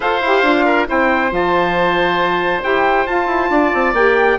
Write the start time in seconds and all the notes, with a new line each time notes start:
0.00 F4 A4 C5 F5
0.20 E4 G4
0.42 D4 F4
0.65 A#4
0.86 C4 E4 C5 G5
1.29 F3 F4 A5
2.62 E4 G4 G5
3.06 F4 A5
3.26 E4
3.49 D4 D5
3.73 C4
3.93 A#3 G4 G5